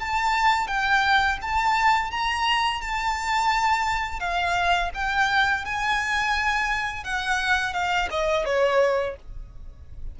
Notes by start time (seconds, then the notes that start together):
0.00 A5
0.68 G5
1.42 A5
2.11 A#5
2.81 A5
4.20 F5
4.94 G5
5.65 G#5
7.04 F#5
7.74 F5
8.11 D#5
8.45 C#5